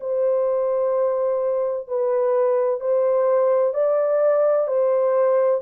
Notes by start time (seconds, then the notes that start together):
0.00 C5
1.88 B4
2.80 C5
3.74 D5
4.67 C5